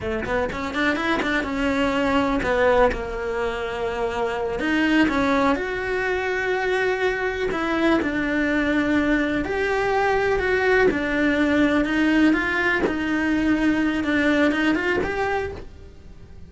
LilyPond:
\new Staff \with { instrumentName = "cello" } { \time 4/4 \tempo 4 = 124 a8 b8 cis'8 d'8 e'8 d'8 cis'4~ | cis'4 b4 ais2~ | ais4. dis'4 cis'4 fis'8~ | fis'2.~ fis'8 e'8~ |
e'8 d'2. g'8~ | g'4. fis'4 d'4.~ | d'8 dis'4 f'4 dis'4.~ | dis'4 d'4 dis'8 f'8 g'4 | }